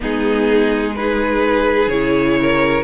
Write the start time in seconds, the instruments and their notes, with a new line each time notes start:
0.00 cello G#3, viola B3, violin D#4 G#4
0.95 viola D#4, violin G#4 B4
1.87 cello C#3, viola E4, violin C#5
2.40 violin A#4